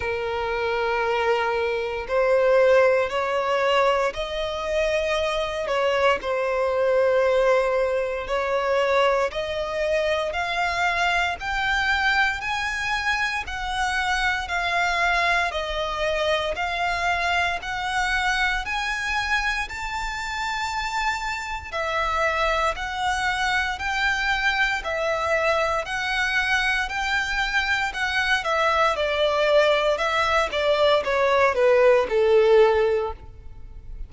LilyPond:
\new Staff \with { instrumentName = "violin" } { \time 4/4 \tempo 4 = 58 ais'2 c''4 cis''4 | dis''4. cis''8 c''2 | cis''4 dis''4 f''4 g''4 | gis''4 fis''4 f''4 dis''4 |
f''4 fis''4 gis''4 a''4~ | a''4 e''4 fis''4 g''4 | e''4 fis''4 g''4 fis''8 e''8 | d''4 e''8 d''8 cis''8 b'8 a'4 | }